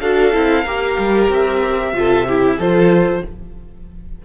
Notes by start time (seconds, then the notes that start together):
0.00 D4 F#4 A4 F5
0.33 C4 E4
0.64 A#3 G4 A#4
0.98 G3
1.29 C4 E5
1.94 C3 F4 A4
2.28 E4 G4
2.58 F3 F4 A4 C5